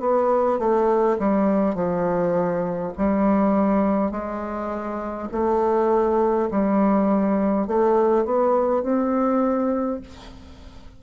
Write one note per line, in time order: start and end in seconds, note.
0.00 0.59 B3
0.59 1.18 A3
1.19 1.75 G3
1.75 2.93 F3
2.97 4.11 G3
4.11 5.29 G#3
5.32 6.49 A3
6.51 7.67 G3
7.67 8.25 A3
8.25 8.83 B3
8.83 10.01 C4